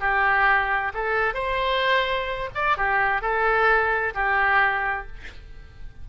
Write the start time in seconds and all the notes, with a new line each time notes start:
0.00 G4
0.94 A4
1.34 C5
2.55 D5
2.78 G4
3.22 A4
4.15 G4